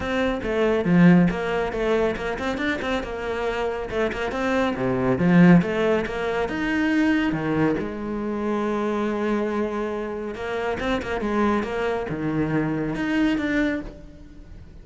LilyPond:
\new Staff \with { instrumentName = "cello" } { \time 4/4 \tempo 4 = 139 c'4 a4 f4 ais4 | a4 ais8 c'8 d'8 c'8 ais4~ | ais4 a8 ais8 c'4 c4 | f4 a4 ais4 dis'4~ |
dis'4 dis4 gis2~ | gis1 | ais4 c'8 ais8 gis4 ais4 | dis2 dis'4 d'4 | }